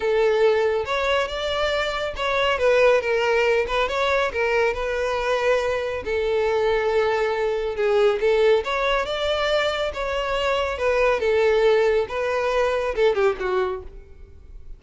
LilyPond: \new Staff \with { instrumentName = "violin" } { \time 4/4 \tempo 4 = 139 a'2 cis''4 d''4~ | d''4 cis''4 b'4 ais'4~ | ais'8 b'8 cis''4 ais'4 b'4~ | b'2 a'2~ |
a'2 gis'4 a'4 | cis''4 d''2 cis''4~ | cis''4 b'4 a'2 | b'2 a'8 g'8 fis'4 | }